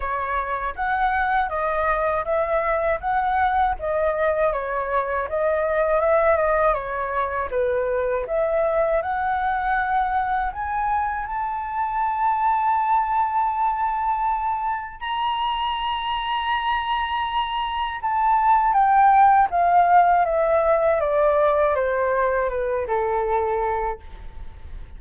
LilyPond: \new Staff \with { instrumentName = "flute" } { \time 4/4 \tempo 4 = 80 cis''4 fis''4 dis''4 e''4 | fis''4 dis''4 cis''4 dis''4 | e''8 dis''8 cis''4 b'4 e''4 | fis''2 gis''4 a''4~ |
a''1 | ais''1 | a''4 g''4 f''4 e''4 | d''4 c''4 b'8 a'4. | }